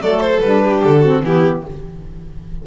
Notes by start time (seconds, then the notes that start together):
0.00 F#3 A3 A4 D5
0.20 C5
0.40 G3 D4 B4
0.64 G4
0.83 D3 A4
1.01 C4 F#4
1.22 E3 B3 E4 G4